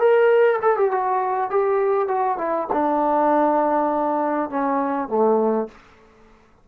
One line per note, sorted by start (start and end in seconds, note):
0.00 0.59 A#4
0.62 0.77 A4
0.77 0.91 G4
0.91 1.50 F#4
1.50 2.08 G4
2.08 2.38 F#4
2.38 2.68 E4
2.72 4.50 D4
4.50 5.08 C#4
5.08 5.68 A3